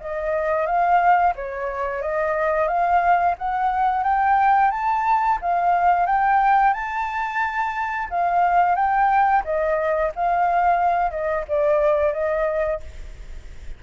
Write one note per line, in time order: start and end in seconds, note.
0.00 0.66 D#5
0.66 1.33 F5
1.35 2.02 C#5
2.02 2.68 D#5
2.68 3.35 F5
3.38 4.04 F#5
4.04 4.71 G5
4.71 5.38 A5
5.41 6.06 F5
6.06 6.74 G5
6.74 8.08 A5
8.10 8.75 F5
8.75 9.43 G5
9.44 10.12 D#5
10.15 11.11 F5
11.11 11.45 D#5
11.48 12.13 D5
12.13 12.80 D#5